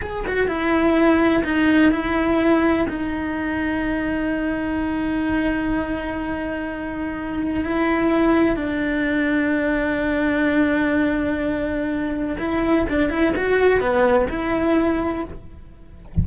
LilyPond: \new Staff \with { instrumentName = "cello" } { \time 4/4 \tempo 4 = 126 gis'8 fis'8 e'2 dis'4 | e'2 dis'2~ | dis'1~ | dis'1 |
e'2 d'2~ | d'1~ | d'2 e'4 d'8 e'8 | fis'4 b4 e'2 | }